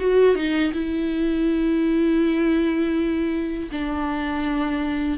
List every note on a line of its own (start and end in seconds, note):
0.00 0.35 F#4
0.35 0.72 D#4
0.73 3.69 E4
3.71 5.18 D4